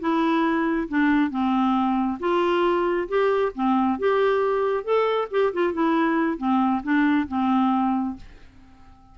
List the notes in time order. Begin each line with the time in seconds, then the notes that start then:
0.00 E4
0.89 D4
1.31 C4
2.20 F4
3.09 G4
3.55 C4
3.99 G4
4.84 A4
5.31 G4
5.53 F4
5.74 E4
6.38 C4
6.84 D4
7.28 C4